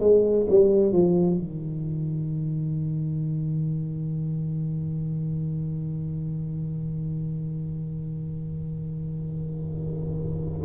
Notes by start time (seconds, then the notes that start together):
0.00 G#3
0.50 G3
0.92 F3
1.37 D#3